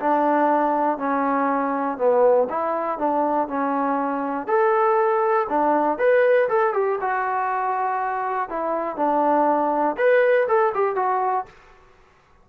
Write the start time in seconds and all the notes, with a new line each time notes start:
0.00 D4
0.98 C#4
1.98 B3
2.50 E4
2.99 D4
3.49 C#4
4.48 A4
5.50 D4
5.99 B4
6.49 A4
6.74 G4
7.01 F#4
8.50 E4
8.97 D4
9.98 B4
10.48 A4
10.75 G4
10.96 F#4